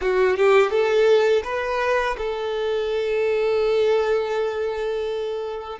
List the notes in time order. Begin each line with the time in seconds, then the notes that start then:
0.01 F#4
0.36 G4
0.70 A4
1.44 B4
2.17 A4